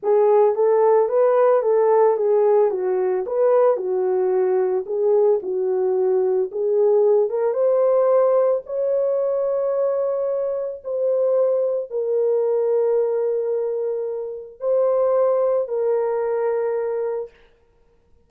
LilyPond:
\new Staff \with { instrumentName = "horn" } { \time 4/4 \tempo 4 = 111 gis'4 a'4 b'4 a'4 | gis'4 fis'4 b'4 fis'4~ | fis'4 gis'4 fis'2 | gis'4. ais'8 c''2 |
cis''1 | c''2 ais'2~ | ais'2. c''4~ | c''4 ais'2. | }